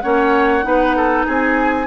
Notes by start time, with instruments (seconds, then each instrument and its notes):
0.00 bassoon A#3, clarinet C#4, oboe C#5, flute F#5
0.63 bassoon B3, clarinet D#4, oboe B4
0.96 oboe A4
1.26 bassoon C4, oboe G#4, flute G#5